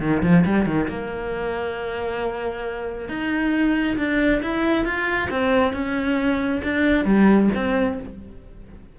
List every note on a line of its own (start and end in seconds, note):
0.00 0.22 D#3
0.23 0.45 F3
0.46 0.66 G3
0.66 0.88 D#3
0.89 3.09 A#3
3.09 3.97 D#4
3.97 4.42 D4
4.42 4.85 E4
4.85 5.29 F4
5.31 5.73 C4
5.73 6.62 C#4
6.63 7.05 D4
7.05 7.49 G3
7.55 7.99 C4